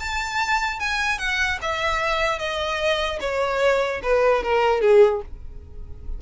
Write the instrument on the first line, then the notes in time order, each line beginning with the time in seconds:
violin
0.00 A5
0.80 G#5
1.19 F#5
1.62 E5
2.39 D#5
3.21 C#5
4.03 B4
4.43 A#4
4.82 G#4